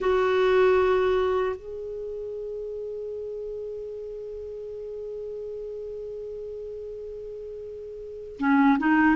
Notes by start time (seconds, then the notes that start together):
0.00 F#4
1.56 G#4
8.38 C#4
8.79 D#4